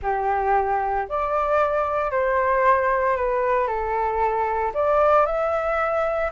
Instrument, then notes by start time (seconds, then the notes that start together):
flute
0.02 G4
1.08 D5
2.11 C5
3.16 B4
3.67 A4
4.74 D5
5.26 E5